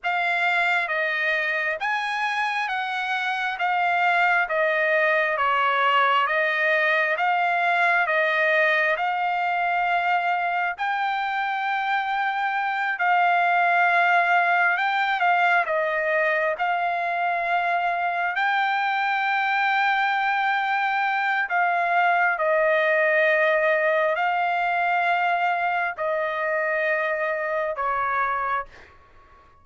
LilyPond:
\new Staff \with { instrumentName = "trumpet" } { \time 4/4 \tempo 4 = 67 f''4 dis''4 gis''4 fis''4 | f''4 dis''4 cis''4 dis''4 | f''4 dis''4 f''2 | g''2~ g''8 f''4.~ |
f''8 g''8 f''8 dis''4 f''4.~ | f''8 g''2.~ g''8 | f''4 dis''2 f''4~ | f''4 dis''2 cis''4 | }